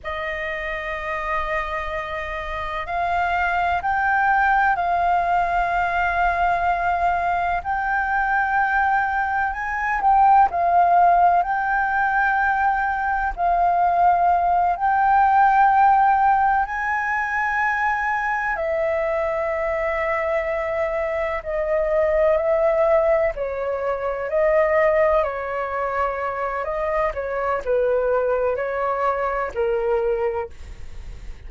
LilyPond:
\new Staff \with { instrumentName = "flute" } { \time 4/4 \tempo 4 = 63 dis''2. f''4 | g''4 f''2. | g''2 gis''8 g''8 f''4 | g''2 f''4. g''8~ |
g''4. gis''2 e''8~ | e''2~ e''8 dis''4 e''8~ | e''8 cis''4 dis''4 cis''4. | dis''8 cis''8 b'4 cis''4 ais'4 | }